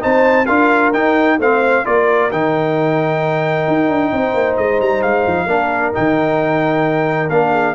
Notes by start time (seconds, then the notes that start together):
0.00 C4 D#4 C5 A5
0.46 D4 F4 A#4 F5
0.93 D#4 G5
1.39 A3 C4 C5 F5
1.85 A#3 F4 A#4 D5
2.32 D#3 D#4 G5
3.68 D#4
3.89 D4
4.13 C4 C5
4.34 A#3
4.57 G#3 D#5
4.81 G3 A#5
5.02 G#3 F5
5.27 F3
5.46 A#3 D4 A#4
5.93 D#3 D#4 G5
7.30 A#3 D4 F5
7.53 G#4